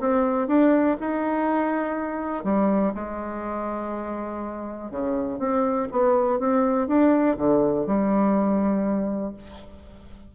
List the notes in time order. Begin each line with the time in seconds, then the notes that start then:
0.00 C4
0.47 D4
1.00 D#4
2.44 G3
2.94 G#3
4.91 C#3
5.39 C4
5.91 B3
6.39 C4
6.87 D4
7.37 D3
7.86 G3